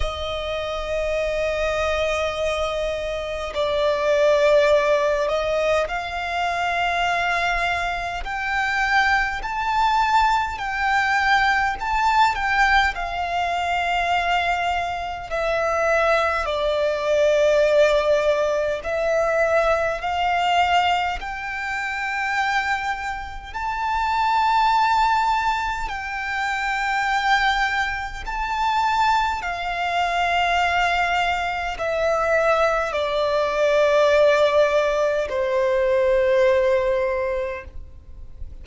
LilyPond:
\new Staff \with { instrumentName = "violin" } { \time 4/4 \tempo 4 = 51 dis''2. d''4~ | d''8 dis''8 f''2 g''4 | a''4 g''4 a''8 g''8 f''4~ | f''4 e''4 d''2 |
e''4 f''4 g''2 | a''2 g''2 | a''4 f''2 e''4 | d''2 c''2 | }